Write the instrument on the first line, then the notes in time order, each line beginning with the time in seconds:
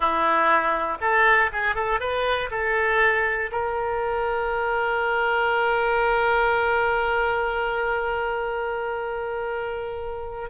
oboe
0.00 E4
1.00 A4
1.52 G#4
1.75 A4
2.00 B4
2.50 A4
3.51 A#4